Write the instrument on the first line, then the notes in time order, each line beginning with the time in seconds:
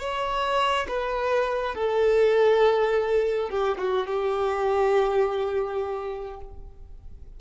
violin
0.00 C#5
0.88 B4
1.75 A4
3.50 G4
3.78 F#4
4.07 G4